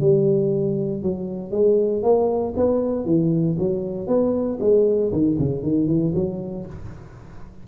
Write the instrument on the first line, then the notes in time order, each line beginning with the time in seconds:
tuba
0.00 G3
1.02 F#3
1.51 G#3
2.02 A#3
2.56 B3
3.05 E3
3.59 F#3
4.07 B3
4.60 G#3
5.12 D#3
5.38 C#3
5.63 D#3
5.87 E3
6.15 F#3